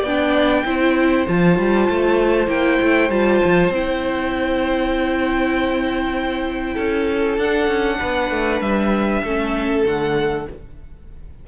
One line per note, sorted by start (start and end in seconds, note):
0.00 0.64 B3
0.00 0.61 D5
0.00 1.27 G5
0.06 0.65 D4
0.65 1.26 C4
0.65 1.27 E4
0.65 6.74 C5
1.28 1.58 F3
1.28 2.47 F4
1.28 2.49 A5
1.58 1.89 G3
1.89 2.48 A3
2.47 2.78 A#3
2.47 3.09 E4
2.47 3.10 G5
2.82 3.10 A3
3.10 3.41 G3
3.10 3.73 F4
3.10 3.72 A5
3.45 3.69 F3
3.69 6.75 C4
3.69 7.41 E4
3.69 7.39 G5
6.74 7.38 C#4
6.74 7.97 A4
7.38 7.68 D4
7.38 8.61 F#5
7.44 9.26 D4
7.68 7.98 C#4
7.99 8.30 B3
7.99 9.22 B4
8.30 8.61 A3
8.61 9.22 G3
8.61 9.84 E5
9.22 9.84 A3
9.22 9.85 C#4
9.22 10.46 A4
9.85 10.47 D3
9.85 10.46 A3
9.85 10.48 F#5